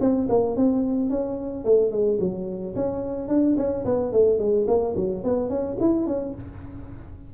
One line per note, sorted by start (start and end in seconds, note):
0.00 0.28 C4
0.29 0.56 A#3
0.56 1.10 C4
1.10 1.65 C#4
1.65 1.91 A3
1.91 2.19 G#3
2.20 2.75 F#3
2.75 3.28 C#4
3.28 3.56 D4
3.57 3.84 C#4
3.85 4.12 B3
4.12 4.39 A3
4.39 4.66 G#3
4.67 4.95 A#3
4.96 5.24 F#3
5.24 5.49 B3
5.49 5.77 C#4
5.80 6.07 E4
6.07 6.34 C#4